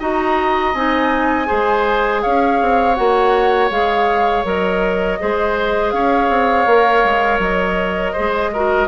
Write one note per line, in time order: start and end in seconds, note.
0.00 0.75 D#4
0.00 0.75 F#4
0.00 1.48 D#5
0.00 0.75 A#5
0.75 1.49 C4
0.75 1.46 D#4
0.75 2.23 G#5
1.46 2.26 G#3
1.46 2.94 G#4
1.46 2.22 C5
2.23 2.62 C#4
2.23 5.19 C#5
2.23 2.95 F5
2.62 2.99 C4
2.95 3.71 A#3
2.95 3.71 F#4
2.95 3.69 F#5
3.71 4.45 G#3
3.71 4.45 G#4
3.71 4.46 F5
4.45 5.19 F#3
4.45 5.19 A#4
4.45 5.91 D#5
5.20 5.93 G#3
5.20 6.68 G#4
5.20 5.94 C5
5.91 6.30 C#4
5.91 8.13 C#5
5.91 7.39 F5
6.30 6.66 C4
6.66 7.03 A#3
6.66 8.17 A#4
7.05 7.39 G#3
7.39 8.13 F#3
7.39 8.88 D#5
8.13 8.54 G#4
8.13 8.50 C5
8.19 8.88 G#3
8.54 8.88 F#4
8.54 8.88 A#4